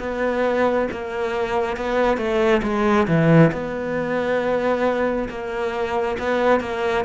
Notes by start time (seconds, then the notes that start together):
0.00 B3
0.92 A#3
1.77 B3
2.18 A3
2.63 G#3
3.08 E3
3.53 B3
5.29 A#3
6.20 B3
6.61 A#3